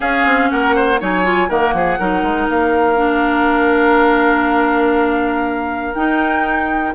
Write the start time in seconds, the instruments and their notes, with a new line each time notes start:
0.00 clarinet C#4, bassoon C#4, oboe G#4, flute F5
0.25 bassoon C4
0.50 bassoon A#3, oboe A#4, flute F#5
0.75 oboe C5
1.00 bassoon F#3, clarinet D#4, oboe C#5, flute G#5
1.24 clarinet F4
1.49 bassoon D#3, clarinet A#3, oboe A#4, flute F#5
1.73 bassoon F3, oboe G#4
1.98 bassoon F#3, clarinet D#4, oboe A#4
2.22 bassoon G#3
2.49 bassoon A#3, flute F5
2.96 clarinet D4
5.94 bassoon D#4, clarinet D#4, flute G5